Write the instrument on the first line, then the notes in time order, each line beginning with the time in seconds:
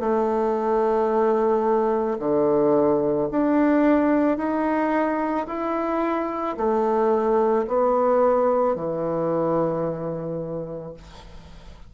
bassoon
0.00 A3
2.19 D3
3.31 D4
4.38 D#4
5.47 E4
6.57 A3
7.68 B3
8.76 E3